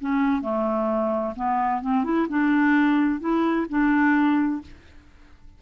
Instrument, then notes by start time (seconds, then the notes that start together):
clarinet
0.00 C#4
0.41 A3
1.35 B3
1.81 C4
2.04 E4
2.28 D4
3.20 E4
3.69 D4